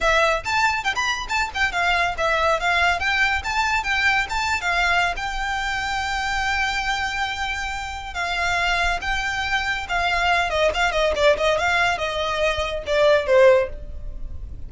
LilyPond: \new Staff \with { instrumentName = "violin" } { \time 4/4 \tempo 4 = 140 e''4 a''4 g''16 b''8. a''8 g''8 | f''4 e''4 f''4 g''4 | a''4 g''4 a''8. f''4~ f''16 | g''1~ |
g''2. f''4~ | f''4 g''2 f''4~ | f''8 dis''8 f''8 dis''8 d''8 dis''8 f''4 | dis''2 d''4 c''4 | }